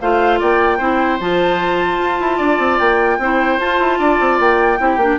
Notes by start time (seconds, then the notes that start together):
0.00 A3 F4 C5 F5
0.39 A#3 D5 G5
0.78 C4 E4 C5
1.20 F3 F4 A5
1.99 F4
2.20 E4
2.37 D4 D5
2.58 C4
2.79 A#3 G5
3.18 C4 E4 C5
3.59 F4 A5
3.79 E4
3.99 D4 D5
4.20 C4
4.39 A#3 G5
4.78 C4 E4 G4
4.97 A#3 D4